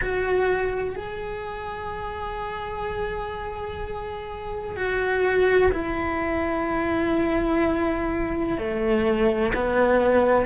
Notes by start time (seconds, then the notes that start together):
0.01 F#4
0.95 G#4
4.76 F#4
5.72 E4
8.58 A3
9.54 B3